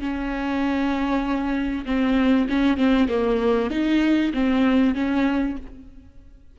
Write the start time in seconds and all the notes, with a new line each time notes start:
0.00 C#4
1.86 C4
2.49 C#4
2.78 C4
3.09 A#3
3.71 D#4
4.34 C4
4.95 C#4